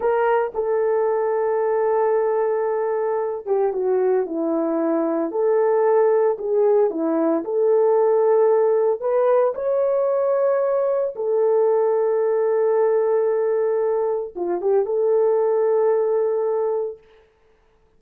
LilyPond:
\new Staff \with { instrumentName = "horn" } { \time 4/4 \tempo 4 = 113 ais'4 a'2.~ | a'2~ a'8 g'8 fis'4 | e'2 a'2 | gis'4 e'4 a'2~ |
a'4 b'4 cis''2~ | cis''4 a'2.~ | a'2. f'8 g'8 | a'1 | }